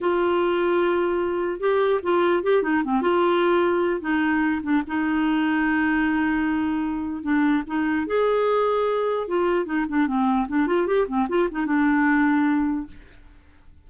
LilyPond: \new Staff \with { instrumentName = "clarinet" } { \time 4/4 \tempo 4 = 149 f'1 | g'4 f'4 g'8 dis'8 c'8 f'8~ | f'2 dis'4. d'8 | dis'1~ |
dis'2 d'4 dis'4 | gis'2. f'4 | dis'8 d'8 c'4 d'8 f'8 g'8 c'8 | f'8 dis'8 d'2. | }